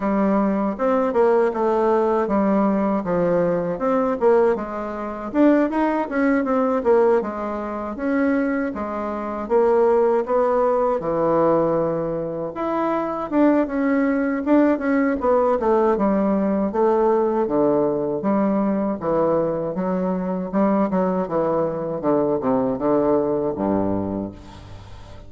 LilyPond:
\new Staff \with { instrumentName = "bassoon" } { \time 4/4 \tempo 4 = 79 g4 c'8 ais8 a4 g4 | f4 c'8 ais8 gis4 d'8 dis'8 | cis'8 c'8 ais8 gis4 cis'4 gis8~ | gis8 ais4 b4 e4.~ |
e8 e'4 d'8 cis'4 d'8 cis'8 | b8 a8 g4 a4 d4 | g4 e4 fis4 g8 fis8 | e4 d8 c8 d4 g,4 | }